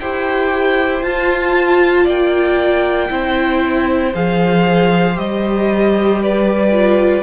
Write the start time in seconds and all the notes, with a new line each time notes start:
0.00 E4 G4 C5 G5
1.03 F4 A5
2.04 A#3 D5 G5
3.10 C4 E4 C5
4.14 F3 G#4 F5
5.14 G3 G4 D#5
6.22 B4 D5
6.72 F4